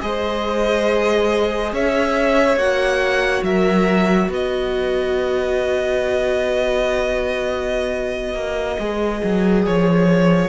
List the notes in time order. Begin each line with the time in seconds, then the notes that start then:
0.00 G#3 G#4 C5 D#5
1.72 C#4 C#5 E5
2.56 A#3 F#4 F#5
3.42 F#3 A#4 E5
4.28 B3 B4 D#5
8.34 A#3
8.79 G#3 G#4
9.23 F#3
9.66 F3 C#5